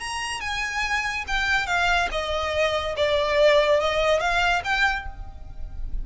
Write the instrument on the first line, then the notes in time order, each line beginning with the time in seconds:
violin
0.00 A#5
0.41 G#5
1.28 G5
1.67 F5
2.12 D#5
2.97 D5
3.80 D#5
4.20 F5
4.65 G5